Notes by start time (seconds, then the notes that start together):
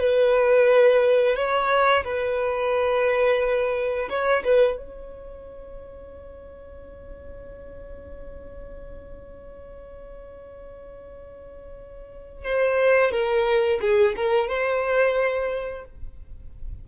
0.00 B4
1.36 C#5
2.05 B4
4.10 C#5
4.44 B4
4.78 C#5
12.45 C5
13.12 A#4
13.81 G#4
14.17 A#4
14.49 C5